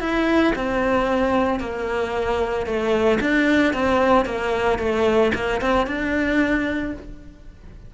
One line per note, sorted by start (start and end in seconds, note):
0.00 0.53 E4
0.56 1.60 C4
1.60 2.66 A#3
2.66 3.19 A3
3.21 3.73 D4
3.73 4.26 C4
4.26 4.79 A#3
4.79 5.32 A3
5.34 5.61 A#3
5.61 5.87 C4
5.87 6.93 D4